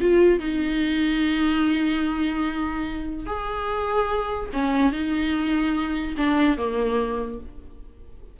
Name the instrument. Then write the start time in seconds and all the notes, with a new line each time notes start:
viola
0.00 F4
0.40 D#4
3.26 G#4
4.53 C#4
4.92 D#4
6.17 D4
6.57 A#3